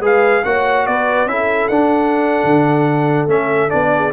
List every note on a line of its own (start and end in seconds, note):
0.00 0.42 G#3
0.00 0.43 G#4
0.00 0.43 B4
0.00 0.44 F5
0.44 0.87 A#3
0.44 1.28 F#4
0.44 0.87 C#5
0.44 0.86 F#5
0.86 1.26 B3
0.86 1.30 B4
0.86 1.28 D5
1.26 1.68 C#4
1.26 1.71 E4
1.26 3.94 A4
1.26 1.68 E5
1.68 2.43 D4
1.68 3.28 D4
1.68 3.26 F#5
2.44 3.27 D3
3.27 3.69 A3
3.27 3.69 C#4
3.27 3.70 E5
3.69 4.13 B3
3.69 4.11 D4
3.69 4.12 D5
3.95 4.13 G#4